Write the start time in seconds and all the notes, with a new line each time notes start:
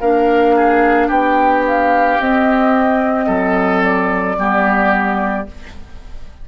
0.00 A#3 D4 A#4 F5
0.56 G#4
1.08 B3 G4 G5
1.68 F5
2.20 C4 D#5
3.27 F#3 A4
3.83 D5
4.37 G3 B3 G4